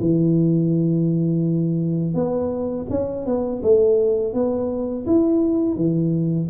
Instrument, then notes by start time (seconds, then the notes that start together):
tuba
0.00 E3
2.14 B3
2.90 C#4
3.26 B3
3.62 A3
4.33 B3
5.06 E4
5.76 E3